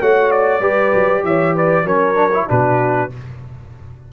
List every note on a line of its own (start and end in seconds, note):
0.00 0.60 A3
0.00 0.61 F#4
0.00 0.61 C#5
0.00 0.31 F#5
0.31 1.24 D5
0.60 0.91 G3
0.60 1.85 G4
0.60 1.23 B4
0.94 1.24 F#3
1.24 1.84 E3
1.24 1.55 C#5
1.24 1.56 E5
1.55 1.85 B4
1.55 1.87 D5
1.84 2.46 F#3
1.84 2.15 C#4
1.84 2.47 A#4
1.84 2.49 C#5
2.15 2.30 D4
2.33 2.48 E4
2.48 3.12 B2
2.48 3.10 D4
2.48 3.12 F#4
2.48 3.12 B4